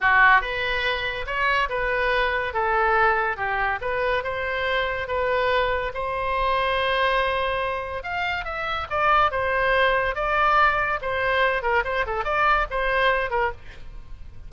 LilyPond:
\new Staff \with { instrumentName = "oboe" } { \time 4/4 \tempo 4 = 142 fis'4 b'2 cis''4 | b'2 a'2 | g'4 b'4 c''2 | b'2 c''2~ |
c''2. f''4 | e''4 d''4 c''2 | d''2 c''4. ais'8 | c''8 a'8 d''4 c''4. ais'8 | }